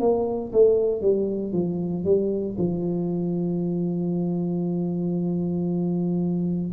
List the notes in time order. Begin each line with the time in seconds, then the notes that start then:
0.00 A#3
0.53 A3
1.02 G3
1.53 F3
2.05 G3
2.59 F3